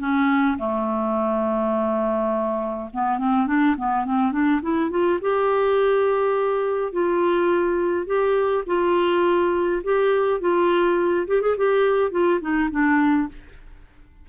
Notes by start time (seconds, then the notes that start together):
0.00 C#4
0.59 A3
2.94 B3
3.19 C4
3.47 D4
3.78 B3
4.06 C4
4.32 D4
4.63 E4
4.91 F4
5.22 G4
6.93 F4
8.07 G4
8.67 F4
9.84 G4
10.41 F4
11.28 G4
11.42 G#4
11.58 G4
12.12 F4
12.41 D#4
12.71 D4